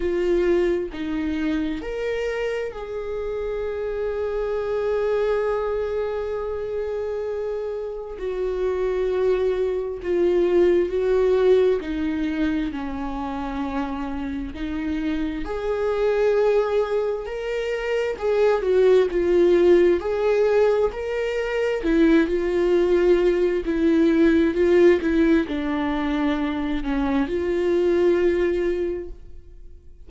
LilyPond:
\new Staff \with { instrumentName = "viola" } { \time 4/4 \tempo 4 = 66 f'4 dis'4 ais'4 gis'4~ | gis'1~ | gis'4 fis'2 f'4 | fis'4 dis'4 cis'2 |
dis'4 gis'2 ais'4 | gis'8 fis'8 f'4 gis'4 ais'4 | e'8 f'4. e'4 f'8 e'8 | d'4. cis'8 f'2 | }